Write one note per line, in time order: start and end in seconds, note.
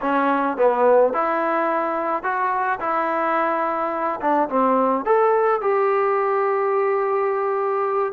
0.01 0.57 C#4
0.57 1.13 B3
1.13 2.23 E4
2.23 2.79 F#4
2.79 4.20 E4
4.20 4.48 D4
4.49 5.05 C4
5.05 5.61 A4
5.61 8.13 G4